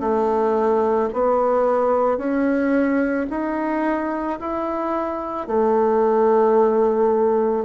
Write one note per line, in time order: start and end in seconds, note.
0.00 1.09 A3
1.13 2.17 B3
2.17 3.26 C#4
3.30 4.39 D#4
4.39 5.47 E4
5.47 7.65 A3